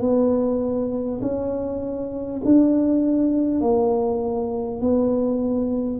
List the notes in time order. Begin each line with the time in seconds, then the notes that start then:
0.00 B3
1.21 C#4
2.44 D4
3.61 A#3
4.81 B3